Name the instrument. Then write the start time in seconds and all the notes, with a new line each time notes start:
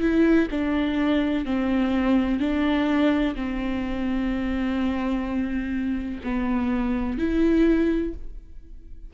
viola
0.00 E4
0.51 D4
1.45 C4
2.39 D4
3.35 C4
6.23 B3
7.18 E4